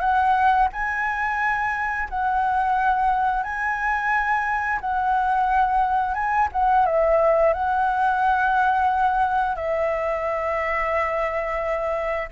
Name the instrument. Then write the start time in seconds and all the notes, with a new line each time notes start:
flute
0.00 F#5
0.73 G#5
2.09 F#5
3.43 G#5
4.81 F#5
6.14 G#5
6.52 F#5
6.86 E5
7.53 F#5
9.56 E5